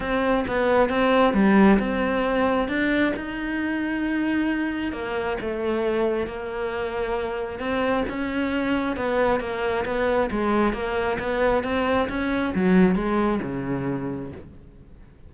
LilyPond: \new Staff \with { instrumentName = "cello" } { \time 4/4 \tempo 4 = 134 c'4 b4 c'4 g4 | c'2 d'4 dis'4~ | dis'2. ais4 | a2 ais2~ |
ais4 c'4 cis'2 | b4 ais4 b4 gis4 | ais4 b4 c'4 cis'4 | fis4 gis4 cis2 | }